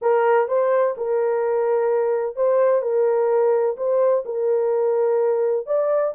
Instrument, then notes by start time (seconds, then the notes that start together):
horn
0.01 A#4
0.48 C5
0.97 A#4
2.36 C5
2.82 A#4
3.76 C5
4.25 A#4
5.66 D5